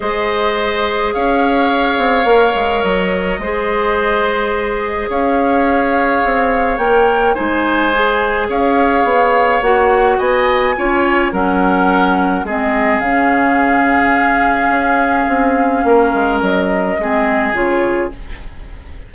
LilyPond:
<<
  \new Staff \with { instrumentName = "flute" } { \time 4/4 \tempo 4 = 106 dis''2 f''2~ | f''4 dis''2.~ | dis''4 f''2. | g''4 gis''2 f''4~ |
f''4 fis''4 gis''2 | fis''2 dis''4 f''4~ | f''1~ | f''4 dis''2 cis''4 | }
  \new Staff \with { instrumentName = "oboe" } { \time 4/4 c''2 cis''2~ | cis''2 c''2~ | c''4 cis''2.~ | cis''4 c''2 cis''4~ |
cis''2 dis''4 cis''4 | ais'2 gis'2~ | gis'1 | ais'2 gis'2 | }
  \new Staff \with { instrumentName = "clarinet" } { \time 4/4 gis'1 | ais'2 gis'2~ | gis'1 | ais'4 dis'4 gis'2~ |
gis'4 fis'2 f'4 | cis'2 c'4 cis'4~ | cis'1~ | cis'2 c'4 f'4 | }
  \new Staff \with { instrumentName = "bassoon" } { \time 4/4 gis2 cis'4. c'8 | ais8 gis8 fis4 gis2~ | gis4 cis'2 c'4 | ais4 gis2 cis'4 |
b4 ais4 b4 cis'4 | fis2 gis4 cis4~ | cis2 cis'4 c'4 | ais8 gis8 fis4 gis4 cis4 | }
>>